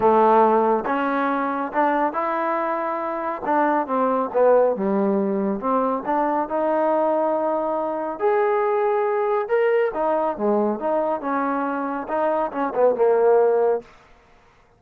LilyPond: \new Staff \with { instrumentName = "trombone" } { \time 4/4 \tempo 4 = 139 a2 cis'2 | d'4 e'2. | d'4 c'4 b4 g4~ | g4 c'4 d'4 dis'4~ |
dis'2. gis'4~ | gis'2 ais'4 dis'4 | gis4 dis'4 cis'2 | dis'4 cis'8 b8 ais2 | }